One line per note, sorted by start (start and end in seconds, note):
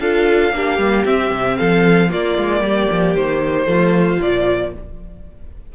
0.00 0.53 D4
0.00 0.54 F4
0.00 0.54 A4
0.00 1.06 F5
0.53 0.78 A#3
0.53 0.80 D4
0.53 1.59 G4
0.78 1.05 G3
0.78 1.06 A#3
1.06 2.10 C4
1.06 1.31 C4
1.06 1.58 E5
1.31 1.57 C3
1.58 2.13 F3
1.58 2.10 A4
1.58 2.10 F5
2.10 3.66 A#3
2.10 2.38 A#3
2.10 2.63 F4
2.10 3.16 D5
2.38 2.61 G#3
2.61 2.88 G3
2.61 3.68 G4
2.91 3.15 F3
3.15 3.67 D#3
3.15 4.22 C5
3.66 4.20 F3
3.66 4.19 A3
3.66 4.73 F4
4.22 4.74 A#2
4.22 4.75 F3
4.22 4.74 D5